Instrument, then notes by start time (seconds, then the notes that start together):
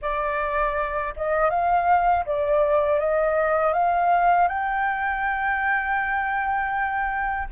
flute
0.01 D5
1.16 D#5
1.50 F5
2.25 D5
2.99 D#5
3.73 F5
4.48 G5